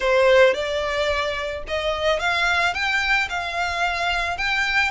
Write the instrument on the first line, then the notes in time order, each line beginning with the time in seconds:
violin
0.00 C5
0.54 D5
1.67 D#5
2.19 F5
2.73 G5
3.29 F5
4.37 G5